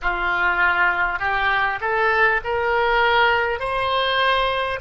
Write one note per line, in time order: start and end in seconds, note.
0.02 1.19 F4
1.19 1.79 G4
1.81 2.41 A4
2.43 3.59 A#4
3.59 4.79 C5